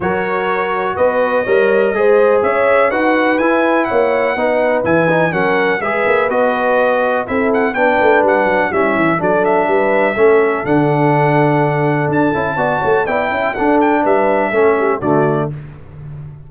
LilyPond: <<
  \new Staff \with { instrumentName = "trumpet" } { \time 4/4 \tempo 4 = 124 cis''2 dis''2~ | dis''4 e''4 fis''4 gis''4 | fis''2 gis''4 fis''4 | e''4 dis''2 e''8 fis''8 |
g''4 fis''4 e''4 d''8 e''8~ | e''2 fis''2~ | fis''4 a''2 g''4 | fis''8 g''8 e''2 d''4 | }
  \new Staff \with { instrumentName = "horn" } { \time 4/4 ais'2 b'4 cis''4 | c''4 cis''4 b'2 | cis''4 b'2 ais'4 | b'2. a'4 |
b'2 e'4 a'4 | b'4 a'2.~ | a'2 d''8 cis''8 d''8 e''8 | a'4 b'4 a'8 g'8 fis'4 | }
  \new Staff \with { instrumentName = "trombone" } { \time 4/4 fis'2. ais'4 | gis'2 fis'4 e'4~ | e'4 dis'4 e'8 dis'8 cis'4 | gis'4 fis'2 e'4 |
d'2 cis'4 d'4~ | d'4 cis'4 d'2~ | d'4. e'8 fis'4 e'4 | d'2 cis'4 a4 | }
  \new Staff \with { instrumentName = "tuba" } { \time 4/4 fis2 b4 g4 | gis4 cis'4 dis'4 e'4 | ais4 b4 e4 fis4 | gis8 ais8 b2 c'4 |
b8 a8 g8 fis8 g8 e8 fis4 | g4 a4 d2~ | d4 d'8 cis'8 b8 a8 b8 cis'8 | d'4 g4 a4 d4 | }
>>